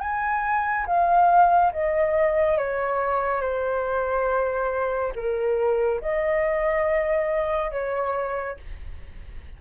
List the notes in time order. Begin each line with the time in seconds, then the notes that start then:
0.00 G#5
0.86 F5
1.72 D#5
2.58 C#5
3.41 C5
5.15 A#4
6.01 D#5
7.71 C#5